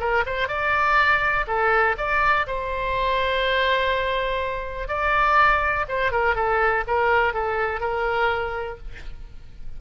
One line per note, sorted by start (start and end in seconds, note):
0.00 0.24 A#4
0.26 0.48 C5
0.48 1.46 D5
1.48 1.96 A4
1.98 2.47 D5
2.47 4.88 C5
4.88 5.86 D5
5.89 6.12 C5
6.12 6.35 A#4
6.35 6.84 A4
6.87 7.34 A#4
7.34 7.81 A4
7.81 8.78 A#4